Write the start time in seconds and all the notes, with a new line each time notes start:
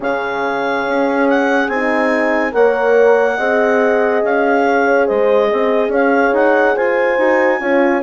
0.00 C#3 C#4 G#4 F5
0.87 C#4
1.29 F#5
1.68 C4 D#4 G#5
2.51 A#3 A#4 C#5 F#5
3.37 C4 G#4 D#5
4.23 C#4 F5
4.64 C#5
5.06 G#3 C5 D#5
5.50 C4 D#5
5.88 C#4 C#5 F5
6.32 D#4 F#5
6.75 F4 C5 G#5
7.18 D#4 F#4
7.60 C#4 F4 C#5